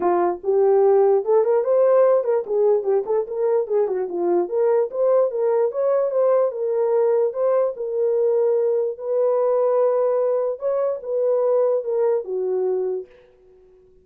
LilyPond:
\new Staff \with { instrumentName = "horn" } { \time 4/4 \tempo 4 = 147 f'4 g'2 a'8 ais'8 | c''4. ais'8 gis'4 g'8 a'8 | ais'4 gis'8 fis'8 f'4 ais'4 | c''4 ais'4 cis''4 c''4 |
ais'2 c''4 ais'4~ | ais'2 b'2~ | b'2 cis''4 b'4~ | b'4 ais'4 fis'2 | }